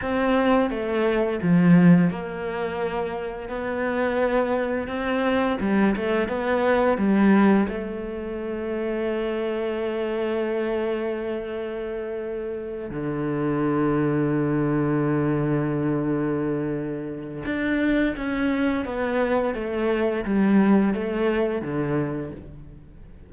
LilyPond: \new Staff \with { instrumentName = "cello" } { \time 4/4 \tempo 4 = 86 c'4 a4 f4 ais4~ | ais4 b2 c'4 | g8 a8 b4 g4 a4~ | a1~ |
a2~ a8 d4.~ | d1~ | d4 d'4 cis'4 b4 | a4 g4 a4 d4 | }